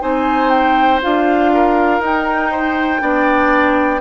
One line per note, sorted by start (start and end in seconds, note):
0.00 1.02 C4
0.00 1.00 D#4
0.00 1.51 C5
0.00 0.50 G#5
0.50 1.00 G5
1.01 2.00 D4
1.01 2.01 F4
1.01 2.02 F5
1.53 2.51 A#4
2.00 3.00 D#4
2.00 4.01 G5
2.51 3.01 C5
3.00 4.01 B3
3.00 4.00 D4
3.00 4.01 D5